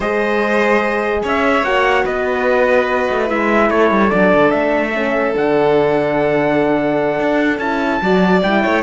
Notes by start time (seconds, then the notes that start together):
0.00 G#3 G#4 C5 D#5
1.23 C#4 C#5 E5
1.63 A#3 F#4 F#5
2.04 B3 B4 D#5
3.10 A3
3.26 G#3 E4 E5
3.70 A3 A4 C#5
3.90 G3
4.10 F#3 D4 D5
4.34 D3
4.51 A3 E5
4.94 C#4
5.33 D3 D4 F#5
7.19 D4
7.58 C#4 E4 A5
8.01 F#3 F#4 D5
8.42 G3 E4 G5
8.64 A3 C#5